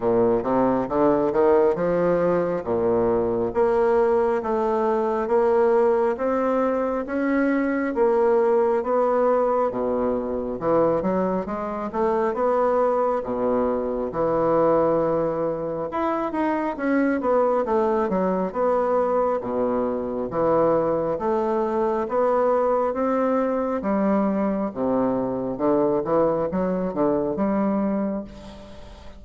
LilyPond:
\new Staff \with { instrumentName = "bassoon" } { \time 4/4 \tempo 4 = 68 ais,8 c8 d8 dis8 f4 ais,4 | ais4 a4 ais4 c'4 | cis'4 ais4 b4 b,4 | e8 fis8 gis8 a8 b4 b,4 |
e2 e'8 dis'8 cis'8 b8 | a8 fis8 b4 b,4 e4 | a4 b4 c'4 g4 | c4 d8 e8 fis8 d8 g4 | }